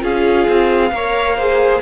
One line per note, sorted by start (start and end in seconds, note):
0.00 0.47 C#4
0.00 0.90 F4
0.00 0.93 G#4
0.00 1.82 F5
0.48 0.91 C4
0.91 1.81 A#3
0.91 1.38 A#4
0.91 1.37 C#5
1.37 1.82 G#4
1.37 1.81 C5